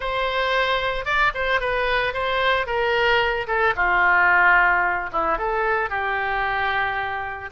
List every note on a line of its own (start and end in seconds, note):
0.00 1.05 C5
1.05 1.32 D5
1.34 1.60 C5
1.60 2.13 B4
2.13 2.66 C5
2.66 3.47 A#4
3.47 3.74 A4
3.76 5.10 F4
5.12 5.38 E4
5.38 5.89 A4
5.89 7.50 G4